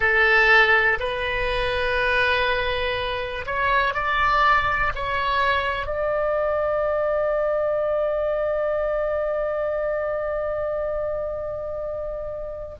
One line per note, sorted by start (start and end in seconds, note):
0.00 0.98 A4
0.99 3.45 B4
3.46 3.93 C#5
3.93 4.92 D5
4.94 5.86 C#5
5.86 12.74 D5